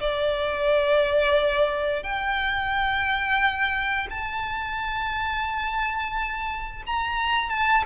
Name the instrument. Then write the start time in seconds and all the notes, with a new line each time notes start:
violin
0.00 D5
2.03 G5
4.10 A5
6.86 A#5
7.50 A5